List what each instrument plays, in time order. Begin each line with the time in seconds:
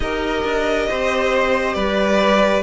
0.00 cello D#4, viola G4, violin A#4 D#5
0.43 cello D4
0.88 cello C4, violin C5
1.74 cello G3, violin B4 D5